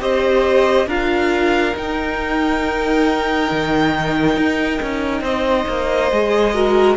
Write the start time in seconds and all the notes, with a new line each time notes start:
0.00 C4 G4 C5 D#5
0.86 D4 F4 A#4 F5
1.73 D#4 G5
3.51 D#3
4.36 D#4
4.82 C#4
5.20 C4 C5 D#5
5.68 A#3
6.11 G#3 G#4
6.53 F#4 A#4